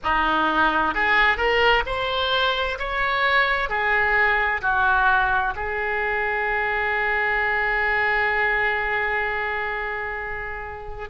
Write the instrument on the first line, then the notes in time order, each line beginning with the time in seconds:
oboe
0.03 D#4
0.94 G#4
1.37 A#4
1.86 C5
2.79 C#5
3.69 G#4
4.62 F#4
5.55 G#4